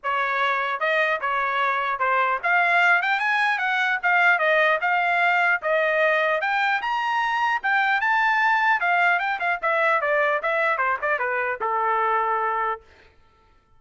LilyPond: \new Staff \with { instrumentName = "trumpet" } { \time 4/4 \tempo 4 = 150 cis''2 dis''4 cis''4~ | cis''4 c''4 f''4. g''8 | gis''4 fis''4 f''4 dis''4 | f''2 dis''2 |
g''4 ais''2 g''4 | a''2 f''4 g''8 f''8 | e''4 d''4 e''4 c''8 d''8 | b'4 a'2. | }